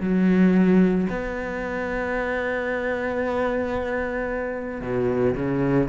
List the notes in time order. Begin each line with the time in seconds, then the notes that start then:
0.00 F#3
1.10 B3
4.81 B2
5.35 C#3